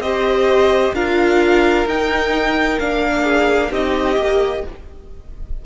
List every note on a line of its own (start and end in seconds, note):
0.00 0.92 C4
0.00 0.95 G4
0.00 0.95 C5
0.00 0.94 D#5
0.93 1.85 D4
0.93 1.87 F4
0.93 3.22 A#4
0.93 1.87 F5
1.86 2.78 D#4
1.86 2.80 D#4
1.86 2.79 G5
2.79 3.71 A#3
2.79 3.72 D4
2.79 3.71 F5
3.22 3.68 G#4
3.70 4.17 C4
3.70 4.16 D#4
3.70 4.62 G4
3.70 4.66 D#5
4.16 4.63 A#3
4.16 4.62 G4